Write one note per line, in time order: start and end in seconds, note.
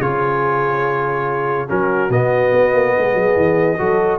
0.00 1.68 C#3
0.00 1.68 F4
0.00 1.68 G#4
0.00 1.69 C#5
1.68 2.09 F#3
1.68 2.10 C#4
1.68 2.93 F#4
1.68 2.11 A#4
2.09 2.51 B2
2.09 3.78 B3
2.09 4.19 D#5
2.52 2.73 B3
2.74 2.95 A#3
2.97 3.14 G#3
2.97 3.78 G#4
3.14 3.35 F#3
3.36 3.78 E3
3.78 4.19 F#3
3.78 4.19 F#4
3.78 4.19 A4